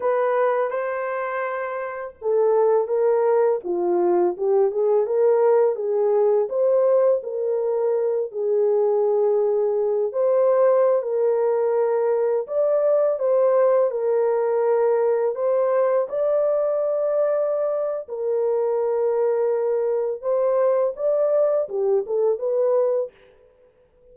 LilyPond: \new Staff \with { instrumentName = "horn" } { \time 4/4 \tempo 4 = 83 b'4 c''2 a'4 | ais'4 f'4 g'8 gis'8 ais'4 | gis'4 c''4 ais'4. gis'8~ | gis'2 c''4~ c''16 ais'8.~ |
ais'4~ ais'16 d''4 c''4 ais'8.~ | ais'4~ ais'16 c''4 d''4.~ d''16~ | d''4 ais'2. | c''4 d''4 g'8 a'8 b'4 | }